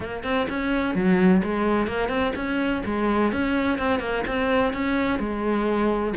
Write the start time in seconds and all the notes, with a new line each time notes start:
0.00 A#3
0.23 C4
0.49 C#4
0.94 F#3
1.43 G#3
1.87 A#3
2.08 C4
2.35 C#4
2.85 G#3
3.32 C#4
3.78 C4
3.99 A#3
4.27 C4
4.73 C#4
5.19 G#3